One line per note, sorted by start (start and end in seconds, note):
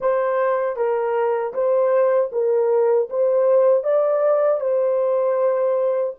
0.00 0.76 C5
0.76 1.53 A#4
1.53 2.30 C5
2.31 3.08 A#4
3.09 3.83 C5
3.83 4.60 D5
4.60 6.14 C5